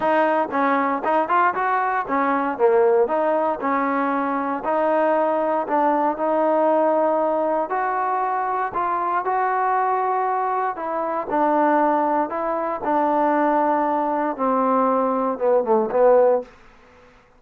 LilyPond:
\new Staff \with { instrumentName = "trombone" } { \time 4/4 \tempo 4 = 117 dis'4 cis'4 dis'8 f'8 fis'4 | cis'4 ais4 dis'4 cis'4~ | cis'4 dis'2 d'4 | dis'2. fis'4~ |
fis'4 f'4 fis'2~ | fis'4 e'4 d'2 | e'4 d'2. | c'2 b8 a8 b4 | }